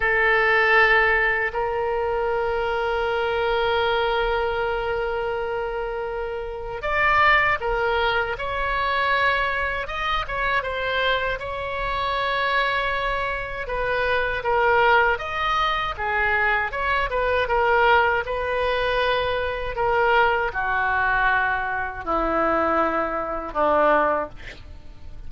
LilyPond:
\new Staff \with { instrumentName = "oboe" } { \time 4/4 \tempo 4 = 79 a'2 ais'2~ | ais'1~ | ais'4 d''4 ais'4 cis''4~ | cis''4 dis''8 cis''8 c''4 cis''4~ |
cis''2 b'4 ais'4 | dis''4 gis'4 cis''8 b'8 ais'4 | b'2 ais'4 fis'4~ | fis'4 e'2 d'4 | }